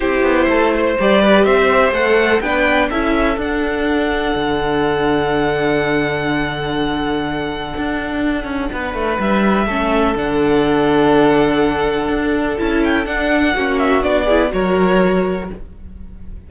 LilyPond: <<
  \new Staff \with { instrumentName = "violin" } { \time 4/4 \tempo 4 = 124 c''2 d''4 e''4 | fis''4 g''4 e''4 fis''4~ | fis''1~ | fis''1~ |
fis''2. e''4~ | e''4 fis''2.~ | fis''2 a''8 g''8 fis''4~ | fis''8 e''8 d''4 cis''2 | }
  \new Staff \with { instrumentName = "violin" } { \time 4/4 g'4 a'8 c''4 b'8 c''4~ | c''4 b'4 a'2~ | a'1~ | a'1~ |
a'2 b'2 | a'1~ | a'1 | fis'4. gis'8 ais'2 | }
  \new Staff \with { instrumentName = "viola" } { \time 4/4 e'2 g'2 | a'4 d'4 e'4 d'4~ | d'1~ | d'1~ |
d'1 | cis'4 d'2.~ | d'2 e'4 d'4 | cis'4 d'8 e'8 fis'2 | }
  \new Staff \with { instrumentName = "cello" } { \time 4/4 c'8 b8 a4 g4 c'4 | a4 b4 cis'4 d'4~ | d'4 d2.~ | d1 |
d'4. cis'8 b8 a8 g4 | a4 d2.~ | d4 d'4 cis'4 d'4 | ais4 b4 fis2 | }
>>